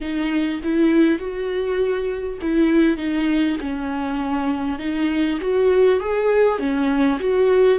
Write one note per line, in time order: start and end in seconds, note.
0.00 0.60 D#4
0.63 1.18 E4
1.18 2.38 F#4
2.41 2.97 E4
2.97 3.57 D#4
3.60 4.78 C#4
4.78 5.38 D#4
5.41 6.00 F#4
6.00 6.58 G#4
6.58 7.18 C#4
7.19 7.79 F#4